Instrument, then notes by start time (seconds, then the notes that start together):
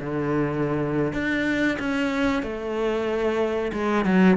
cello
0.00 D3
1.13 D4
1.79 C#4
2.43 A3
3.72 G#3
4.04 F#3